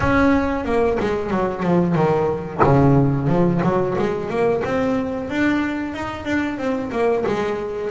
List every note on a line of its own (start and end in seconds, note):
0.00 0.64 C#4
0.64 0.97 A#3
1.00 1.30 G#3
1.30 1.63 F#3
1.63 1.95 F3
1.95 2.60 D#3
2.63 3.27 C#3
3.27 3.60 F3
3.63 3.96 F#3
3.98 4.29 G#3
4.29 4.62 A#3
4.64 5.29 C4
5.29 5.93 D4
5.93 6.25 D#4
6.25 6.58 D4
6.58 6.91 C4
6.91 7.24 A#3
7.26 7.90 G#3